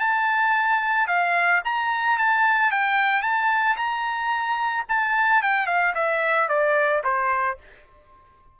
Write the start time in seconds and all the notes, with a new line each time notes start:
0.00 A5
1.08 F5
1.65 A#5
2.18 A5
2.71 G5
3.22 A5
3.77 A#5
4.88 A5
5.42 G5
5.67 F5
5.95 E5
6.49 D5
7.04 C5